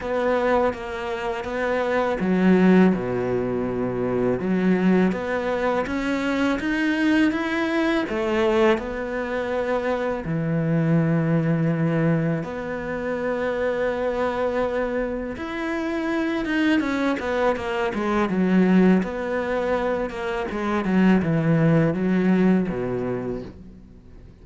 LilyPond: \new Staff \with { instrumentName = "cello" } { \time 4/4 \tempo 4 = 82 b4 ais4 b4 fis4 | b,2 fis4 b4 | cis'4 dis'4 e'4 a4 | b2 e2~ |
e4 b2.~ | b4 e'4. dis'8 cis'8 b8 | ais8 gis8 fis4 b4. ais8 | gis8 fis8 e4 fis4 b,4 | }